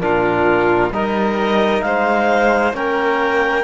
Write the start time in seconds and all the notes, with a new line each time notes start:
0.00 A#2 D4 F4 A#4
0.91 G3 D#4 A#4 D#5
1.82 G#3 C5 F5
2.73 A#3 C#4 A#4 G5